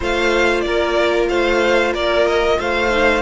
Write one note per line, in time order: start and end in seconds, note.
0.00 0.65 A3
0.00 2.90 F4
0.00 0.65 C5
0.00 0.60 F5
0.60 1.30 A#3
0.60 1.29 A#4
0.60 1.25 D5
1.28 1.93 A3
1.28 1.93 C5
1.28 1.92 F5
1.93 2.58 A#3
1.93 2.57 A#4
1.93 2.27 D5
2.27 2.59 D#5
2.59 3.22 A3
2.59 3.22 C5
2.59 3.22 F5
2.90 3.22 D#4